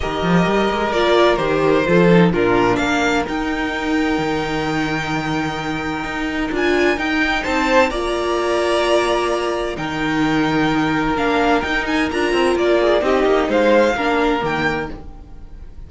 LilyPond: <<
  \new Staff \with { instrumentName = "violin" } { \time 4/4 \tempo 4 = 129 dis''2 d''4 c''4~ | c''4 ais'4 f''4 g''4~ | g''1~ | g''2 gis''4 g''4 |
a''4 ais''2.~ | ais''4 g''2. | f''4 g''8 gis''8 ais''4 d''4 | dis''4 f''2 g''4 | }
  \new Staff \with { instrumentName = "violin" } { \time 4/4 ais'1 | a'4 f'4 ais'2~ | ais'1~ | ais'1 |
c''4 d''2.~ | d''4 ais'2.~ | ais'2.~ ais'8 gis'8 | g'4 c''4 ais'2 | }
  \new Staff \with { instrumentName = "viola" } { \time 4/4 g'2 f'4 g'4 | f'8 dis'8 d'2 dis'4~ | dis'1~ | dis'2 f'4 dis'4~ |
dis'4 f'2.~ | f'4 dis'2. | d'4 dis'4 f'2 | dis'2 d'4 ais4 | }
  \new Staff \with { instrumentName = "cello" } { \time 4/4 dis8 f8 g8 gis8 ais4 dis4 | f4 ais,4 ais4 dis'4~ | dis'4 dis2.~ | dis4 dis'4 d'4 dis'4 |
c'4 ais2.~ | ais4 dis2. | ais4 dis'4 d'8 c'8 ais4 | c'8 ais8 gis4 ais4 dis4 | }
>>